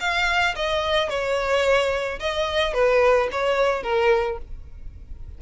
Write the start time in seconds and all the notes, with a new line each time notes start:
0.00 F5
0.56 D#5
1.10 C#5
2.20 D#5
2.74 B4
3.32 C#5
3.83 A#4